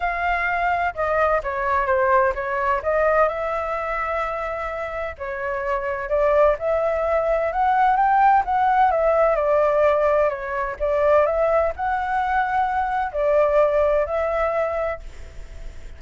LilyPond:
\new Staff \with { instrumentName = "flute" } { \time 4/4 \tempo 4 = 128 f''2 dis''4 cis''4 | c''4 cis''4 dis''4 e''4~ | e''2. cis''4~ | cis''4 d''4 e''2 |
fis''4 g''4 fis''4 e''4 | d''2 cis''4 d''4 | e''4 fis''2. | d''2 e''2 | }